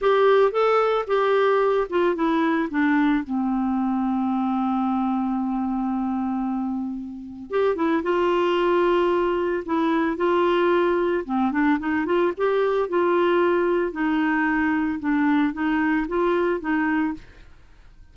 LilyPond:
\new Staff \with { instrumentName = "clarinet" } { \time 4/4 \tempo 4 = 112 g'4 a'4 g'4. f'8 | e'4 d'4 c'2~ | c'1~ | c'2 g'8 e'8 f'4~ |
f'2 e'4 f'4~ | f'4 c'8 d'8 dis'8 f'8 g'4 | f'2 dis'2 | d'4 dis'4 f'4 dis'4 | }